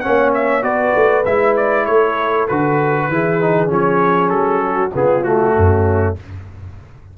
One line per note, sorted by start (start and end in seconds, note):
0.00 0.62 C#4
0.00 0.64 C#5
0.00 0.31 F#5
0.06 0.63 A#3
0.34 0.63 E5
0.62 0.93 B3
0.62 1.23 F#4
0.62 1.86 B4
0.62 1.25 D5
0.95 1.26 A3
1.25 1.87 G#3
1.25 2.49 E4
1.25 1.56 E5
1.56 1.86 D5
1.86 2.48 A3
1.86 3.11 A4
1.86 2.47 C#5
2.48 3.08 D3
2.48 3.11 F#4
2.48 3.70 B4
3.08 3.69 E3
3.08 3.41 E4
3.08 4.64 G#4
3.41 3.67 D#4
3.67 4.30 F3
3.67 4.90 C#4
3.67 4.29 C#5
4.29 4.91 F#3
4.29 4.91 A4
4.64 4.94 F#4
4.94 5.56 C#3
4.94 5.25 B3
4.94 5.55 F4
4.94 5.24 G#4
5.24 6.16 A3
5.24 6.16 F#4
5.56 6.18 F#2
5.56 6.18 C#4